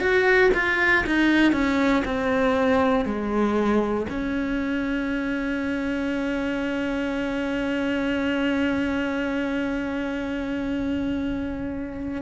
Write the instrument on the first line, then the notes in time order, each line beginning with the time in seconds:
cello
0.00 F#4
0.54 F4
1.06 D#4
1.53 C#4
2.05 C4
3.05 G#3
4.10 C#4